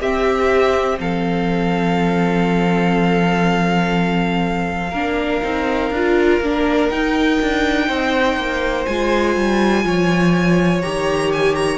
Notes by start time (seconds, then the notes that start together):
0.00 C4 G4 E5
1.00 F3 A4 F5
4.91 A#3 D4 A#4
5.43 C4 D#4
5.91 D4 F4
6.41 A#3 D4
6.89 D#4 G5
7.41 D4
7.87 C4 C5
8.37 A#3
8.86 G#3 F4 G#5
9.36 G3
9.85 F3 C#5
10.82 D#3 G4 A#5
11.33 G#5
11.55 A#5